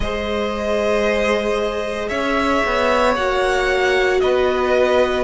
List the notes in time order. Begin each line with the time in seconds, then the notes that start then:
0.00 G#3 G#4 C5 D#5
2.08 C#4 C#5 E5
2.65 B3
3.16 A#3 F#4 F#5
4.20 B3 B4 D#5